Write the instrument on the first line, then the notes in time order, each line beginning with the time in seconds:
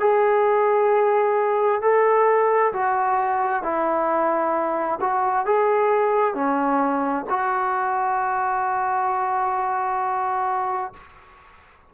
trombone
0.00 G#4
1.81 A4
2.73 F#4
3.63 E4
5.01 F#4
5.45 G#4
6.34 C#4
7.30 F#4